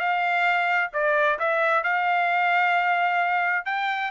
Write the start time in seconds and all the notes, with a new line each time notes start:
0.00 F5
0.94 D5
1.39 E5
1.84 F5
3.66 G5